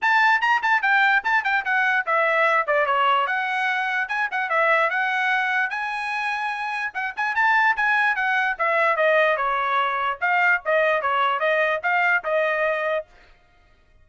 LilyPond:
\new Staff \with { instrumentName = "trumpet" } { \time 4/4 \tempo 4 = 147 a''4 ais''8 a''8 g''4 a''8 g''8 | fis''4 e''4. d''8 cis''4 | fis''2 gis''8 fis''8 e''4 | fis''2 gis''2~ |
gis''4 fis''8 gis''8 a''4 gis''4 | fis''4 e''4 dis''4 cis''4~ | cis''4 f''4 dis''4 cis''4 | dis''4 f''4 dis''2 | }